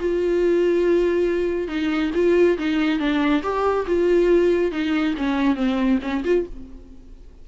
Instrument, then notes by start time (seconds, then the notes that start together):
viola
0.00 F4
1.68 D#4
2.15 F4
2.58 D#4
3.00 D4
3.43 G4
3.87 F4
4.72 D#4
5.18 C#4
5.56 C4
6.02 C#4
6.25 F4